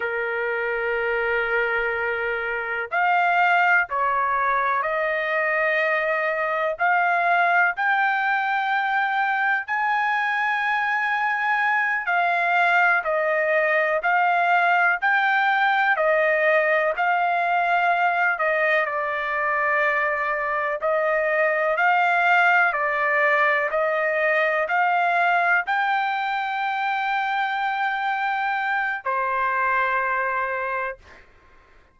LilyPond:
\new Staff \with { instrumentName = "trumpet" } { \time 4/4 \tempo 4 = 62 ais'2. f''4 | cis''4 dis''2 f''4 | g''2 gis''2~ | gis''8 f''4 dis''4 f''4 g''8~ |
g''8 dis''4 f''4. dis''8 d''8~ | d''4. dis''4 f''4 d''8~ | d''8 dis''4 f''4 g''4.~ | g''2 c''2 | }